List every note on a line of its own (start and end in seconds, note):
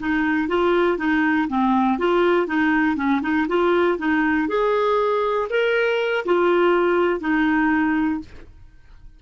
0.00 0.48 D#4
0.48 0.98 F4
0.98 1.48 D#4
1.48 1.98 C4
1.98 2.47 F4
2.47 2.96 D#4
2.96 3.21 C#4
3.22 3.47 D#4
3.48 3.98 F4
3.98 4.48 D#4
4.48 5.48 G#4
5.50 6.25 A#4
6.25 7.20 F4
7.20 8.20 D#4